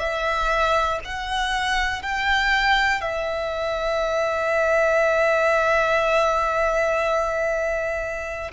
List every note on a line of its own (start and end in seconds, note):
0.00 1.00 E5
1.05 2.02 F#5
2.02 3.02 G5
3.02 8.52 E5